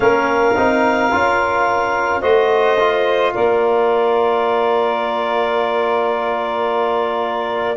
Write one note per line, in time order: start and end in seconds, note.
0.00 0.54 A#3
0.00 0.55 C#4
0.00 2.21 A#4
0.00 2.21 F5
0.55 1.12 C4
0.55 1.11 D#4
1.11 2.22 C#4
1.11 2.22 F4
2.21 3.34 A3
2.21 2.77 F#4
2.21 3.32 C5
2.21 3.32 D#5
2.79 7.76 F4
3.33 7.76 A#3
3.33 7.76 A#4
3.33 7.76 D5